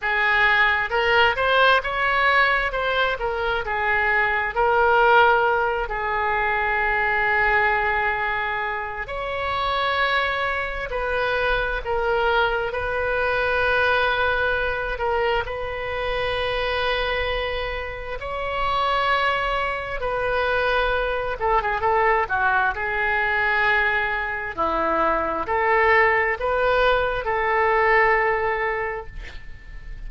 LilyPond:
\new Staff \with { instrumentName = "oboe" } { \time 4/4 \tempo 4 = 66 gis'4 ais'8 c''8 cis''4 c''8 ais'8 | gis'4 ais'4. gis'4.~ | gis'2 cis''2 | b'4 ais'4 b'2~ |
b'8 ais'8 b'2. | cis''2 b'4. a'16 gis'16 | a'8 fis'8 gis'2 e'4 | a'4 b'4 a'2 | }